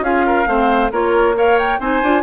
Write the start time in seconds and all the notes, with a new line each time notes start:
0.00 C#4 F4 G#4 F5
0.26 A#4
0.47 A3 C4 C5
0.91 A#3 F4 A#4 C#5
1.35 A#4 C#5 F5
1.58 G5
1.79 C4 D#4 C5 G#5
2.02 D4 F4